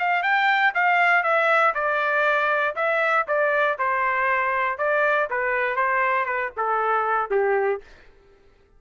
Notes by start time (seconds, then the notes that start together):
0.00 F5
0.23 G5
0.75 F5
1.24 E5
1.75 D5
2.76 E5
3.28 D5
3.79 C5
4.78 D5
5.31 B4
5.77 C5
6.26 B4
6.58 A4
7.31 G4